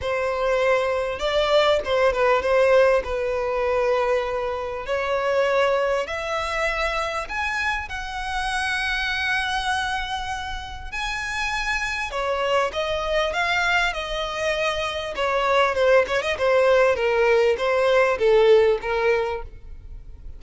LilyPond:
\new Staff \with { instrumentName = "violin" } { \time 4/4 \tempo 4 = 99 c''2 d''4 c''8 b'8 | c''4 b'2. | cis''2 e''2 | gis''4 fis''2.~ |
fis''2 gis''2 | cis''4 dis''4 f''4 dis''4~ | dis''4 cis''4 c''8 cis''16 dis''16 c''4 | ais'4 c''4 a'4 ais'4 | }